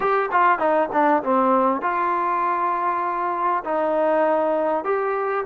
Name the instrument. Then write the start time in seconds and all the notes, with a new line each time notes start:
trombone
0.00 G4
0.31 F4
0.58 D#4
0.92 D4
1.23 C4
1.81 F4
3.64 D#4
4.84 G4